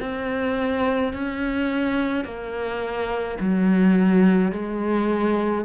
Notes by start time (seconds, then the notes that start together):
0.00 C4
1.13 C#4
2.25 A#3
3.40 F#3
4.52 G#3